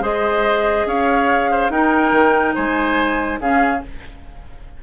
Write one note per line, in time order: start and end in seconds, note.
0.00 0.85 G#3
0.00 1.70 G#4
0.00 0.87 C5
0.00 0.88 D#5
0.86 1.70 C#4
0.86 1.51 C#5
0.86 1.71 F5
1.51 1.72 C5
1.70 2.12 D#4
1.70 3.41 D#4
1.70 2.55 A#4
1.70 2.55 G5
2.12 2.54 D#3
2.55 3.40 G#3
2.55 3.40 C5
2.55 3.40 G#5
3.40 3.82 C#3
3.40 3.83 C#4
3.40 3.83 G#4
3.40 3.83 F5